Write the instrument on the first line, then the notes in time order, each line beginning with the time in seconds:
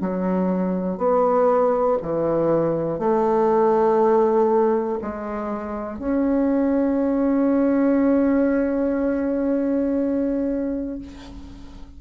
bassoon
0.00 F#3
0.97 B3
2.02 E3
2.98 A3
5.01 G#3
5.98 C#4